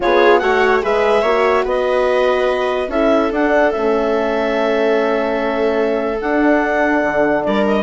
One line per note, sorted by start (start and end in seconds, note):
0.00 0.41 B3
0.00 0.41 F4
0.00 0.43 G#4
0.00 0.38 C#5
0.38 0.82 A3
0.38 0.82 F#4
0.38 0.83 C#5
0.38 0.80 F#5
0.82 1.22 G#3
0.82 1.23 G#4
0.82 1.22 B4
0.82 1.66 E5
1.22 1.64 A#3
1.22 2.89 F#4
1.22 1.63 C#5
1.64 2.88 B3
1.64 2.89 B4
1.64 2.90 D#5
2.88 3.29 C#4
2.88 3.31 E4
2.88 7.45 A4
2.88 3.32 E5
3.31 3.72 D4
3.31 3.71 F#5
3.71 6.20 A3
3.71 6.20 C#4
3.71 6.20 E5
6.20 7.02 D4
6.20 7.83 D4
6.20 7.44 F#5
7.02 7.44 D3
7.44 7.83 G3
7.44 7.83 A#4
7.44 7.65 D5
7.66 7.83 D#5